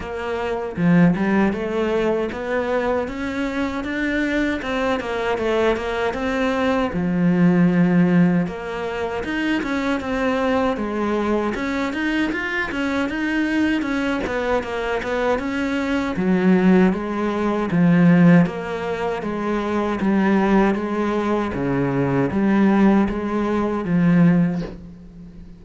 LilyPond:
\new Staff \with { instrumentName = "cello" } { \time 4/4 \tempo 4 = 78 ais4 f8 g8 a4 b4 | cis'4 d'4 c'8 ais8 a8 ais8 | c'4 f2 ais4 | dis'8 cis'8 c'4 gis4 cis'8 dis'8 |
f'8 cis'8 dis'4 cis'8 b8 ais8 b8 | cis'4 fis4 gis4 f4 | ais4 gis4 g4 gis4 | cis4 g4 gis4 f4 | }